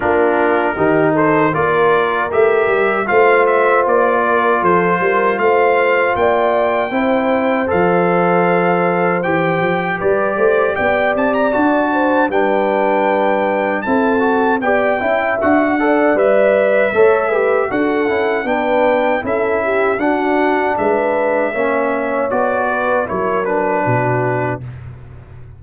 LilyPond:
<<
  \new Staff \with { instrumentName = "trumpet" } { \time 4/4 \tempo 4 = 78 ais'4. c''8 d''4 e''4 | f''8 e''8 d''4 c''4 f''4 | g''2 f''2 | g''4 d''4 g''8 a''16 ais''16 a''4 |
g''2 a''4 g''4 | fis''4 e''2 fis''4 | g''4 e''4 fis''4 e''4~ | e''4 d''4 cis''8 b'4. | }
  \new Staff \with { instrumentName = "horn" } { \time 4/4 f'4 g'8 a'8 ais'2 | c''4. ais'8 a'8 ais'8 c''4 | d''4 c''2.~ | c''4 b'8 c''8 d''4. c''8 |
b'2 a'4 d''8 e''8~ | e''8 d''4. cis''8 b'8 a'4 | b'4 a'8 g'8 fis'4 b'4 | cis''4. b'8 ais'4 fis'4 | }
  \new Staff \with { instrumentName = "trombone" } { \time 4/4 d'4 dis'4 f'4 g'4 | f'1~ | f'4 e'4 a'2 | g'2. fis'4 |
d'2 e'8 fis'8 g'8 e'8 | fis'8 a'8 b'4 a'8 g'8 fis'8 e'8 | d'4 e'4 d'2 | cis'4 fis'4 e'8 d'4. | }
  \new Staff \with { instrumentName = "tuba" } { \time 4/4 ais4 dis4 ais4 a8 g8 | a4 ais4 f8 g8 a4 | ais4 c'4 f2 | e8 f8 g8 a8 b8 c'8 d'4 |
g2 c'4 b8 cis'8 | d'4 g4 a4 d'8 cis'8 | b4 cis'4 d'4 gis4 | ais4 b4 fis4 b,4 | }
>>